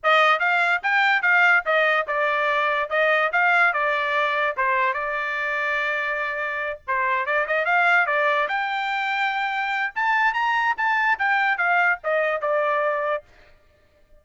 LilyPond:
\new Staff \with { instrumentName = "trumpet" } { \time 4/4 \tempo 4 = 145 dis''4 f''4 g''4 f''4 | dis''4 d''2 dis''4 | f''4 d''2 c''4 | d''1~ |
d''8 c''4 d''8 dis''8 f''4 d''8~ | d''8 g''2.~ g''8 | a''4 ais''4 a''4 g''4 | f''4 dis''4 d''2 | }